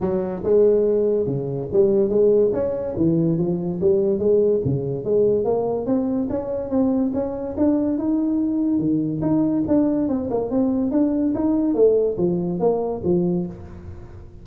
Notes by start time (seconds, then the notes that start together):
0.00 F#3
0.43 G#3
1.26 C#3
1.72 G3
2.09 G#3
2.53 C#4
2.97 E3
3.37 F3
3.81 G3
4.18 G#3
4.64 C#3
5.04 G#3
5.44 A#3
5.86 C4
6.29 C#4
6.69 C4
7.13 C#4
7.57 D4
7.98 D#4
8.79 D#3
9.21 D#4
9.67 D4
10.08 C4
10.30 A#3
10.50 C4
10.91 D4
11.34 D#4
11.74 A3
12.17 F3
12.59 A#3
13.04 F3